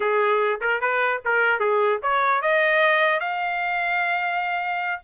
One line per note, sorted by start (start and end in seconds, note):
0.00 0.60 G#4
0.60 0.80 A#4
0.81 1.21 B4
1.24 1.59 A#4
1.59 2.00 G#4
2.02 2.41 C#5
2.41 3.20 D#5
3.20 5.01 F5